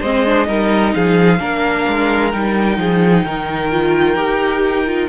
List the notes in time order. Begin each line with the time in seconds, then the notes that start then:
0.00 G#3 C4 C5 D#5
0.25 D4
0.46 G3 D#4 A#4
0.94 F3 G#4 F5
1.39 A#3 D4 A#4
1.87 G#3
2.32 G3 D#4 G5
2.77 F3 G#4
3.25 D#3 A#4
3.71 F4
4.15 D#4 G4
4.86 F4